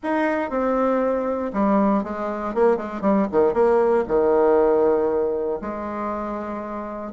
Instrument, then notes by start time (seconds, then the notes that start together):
bassoon
0.03 D#4
0.49 C4
1.53 G3
2.03 G#3
2.54 A#3
2.76 G#3
3.01 G3
3.31 D#3
3.53 A#3
4.07 D#3
5.61 G#3